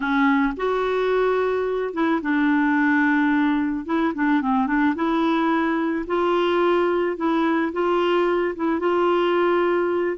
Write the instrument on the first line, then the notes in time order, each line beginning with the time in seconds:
clarinet
0.00 C#4
0.57 F#4
1.93 E4
2.21 D4
3.85 E4
4.14 D4
4.41 C4
4.66 D4
4.95 E4
6.07 F4
7.16 E4
7.72 F4
8.55 E4
8.79 F4